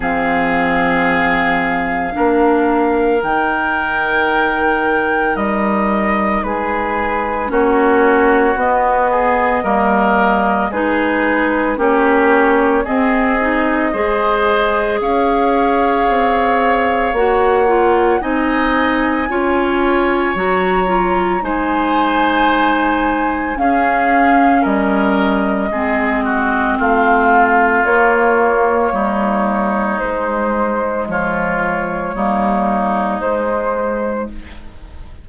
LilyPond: <<
  \new Staff \with { instrumentName = "flute" } { \time 4/4 \tempo 4 = 56 f''2. g''4~ | g''4 dis''4 b'4 cis''4 | dis''2 b'4 cis''4 | dis''2 f''2 |
fis''4 gis''2 ais''4 | gis''2 f''4 dis''4~ | dis''4 f''4 cis''2 | c''4 cis''2 c''4 | }
  \new Staff \with { instrumentName = "oboe" } { \time 4/4 gis'2 ais'2~ | ais'2 gis'4 fis'4~ | fis'8 gis'8 ais'4 gis'4 g'4 | gis'4 c''4 cis''2~ |
cis''4 dis''4 cis''2 | c''2 gis'4 ais'4 | gis'8 fis'8 f'2 dis'4~ | dis'4 f'4 dis'2 | }
  \new Staff \with { instrumentName = "clarinet" } { \time 4/4 c'2 d'4 dis'4~ | dis'2. cis'4 | b4 ais4 dis'4 cis'4 | c'8 dis'8 gis'2. |
fis'8 f'8 dis'4 f'4 fis'8 f'8 | dis'2 cis'2 | c'2 ais2 | gis2 ais4 gis4 | }
  \new Staff \with { instrumentName = "bassoon" } { \time 4/4 f2 ais4 dis4~ | dis4 g4 gis4 ais4 | b4 g4 gis4 ais4 | c'4 gis4 cis'4 c'4 |
ais4 c'4 cis'4 fis4 | gis2 cis'4 g4 | gis4 a4 ais4 g4 | gis4 f4 g4 gis4 | }
>>